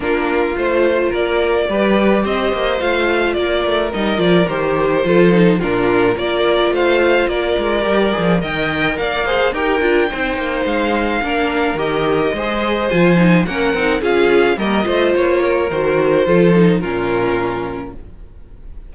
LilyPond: <<
  \new Staff \with { instrumentName = "violin" } { \time 4/4 \tempo 4 = 107 ais'4 c''4 d''2 | dis''4 f''4 d''4 dis''8 d''8 | c''2 ais'4 d''4 | f''4 d''2 g''4 |
f''4 g''2 f''4~ | f''4 dis''2 gis''4 | fis''4 f''4 dis''4 cis''4 | c''2 ais'2 | }
  \new Staff \with { instrumentName = "violin" } { \time 4/4 f'2 ais'4 b'4 | c''2 ais'2~ | ais'4 a'4 f'4 ais'4 | c''4 ais'2 dis''4 |
d''8 c''8 ais'4 c''2 | ais'2 c''2 | ais'4 gis'4 ais'8 c''4 ais'8~ | ais'4 a'4 f'2 | }
  \new Staff \with { instrumentName = "viola" } { \time 4/4 d'4 f'2 g'4~ | g'4 f'2 dis'8 f'8 | g'4 f'8 dis'8 d'4 f'4~ | f'2 g'8 gis'8 ais'4~ |
ais'8 gis'8 g'8 f'8 dis'2 | d'4 g'4 gis'4 f'8 dis'8 | cis'8 dis'8 f'4 ais8 f'4. | fis'4 f'8 dis'8 cis'2 | }
  \new Staff \with { instrumentName = "cello" } { \time 4/4 ais4 a4 ais4 g4 | c'8 ais8 a4 ais8 a8 g8 f8 | dis4 f4 ais,4 ais4 | a4 ais8 gis8 g8 f8 dis4 |
ais4 dis'8 d'8 c'8 ais8 gis4 | ais4 dis4 gis4 f4 | ais8 c'8 cis'4 g8 a8 ais4 | dis4 f4 ais,2 | }
>>